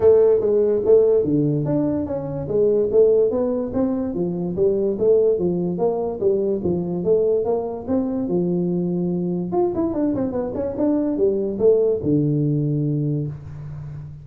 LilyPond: \new Staff \with { instrumentName = "tuba" } { \time 4/4 \tempo 4 = 145 a4 gis4 a4 d4 | d'4 cis'4 gis4 a4 | b4 c'4 f4 g4 | a4 f4 ais4 g4 |
f4 a4 ais4 c'4 | f2. f'8 e'8 | d'8 c'8 b8 cis'8 d'4 g4 | a4 d2. | }